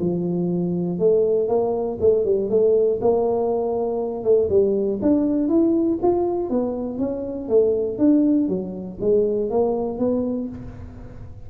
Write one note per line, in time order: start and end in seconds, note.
0.00 0.99 F3
0.99 1.48 A3
1.48 1.98 A#3
2.01 2.25 A3
2.25 2.50 G3
2.50 3.00 A3
3.01 4.24 A#3
4.24 4.49 A3
4.50 5.00 G3
5.02 5.49 D4
5.49 5.99 E4
6.02 6.50 F4
6.50 6.99 B3
6.99 7.49 C#4
7.49 7.98 A3
7.98 8.48 D4
8.48 8.98 F#3
9.01 9.50 G#3
9.50 9.99 A#3
9.99 10.49 B3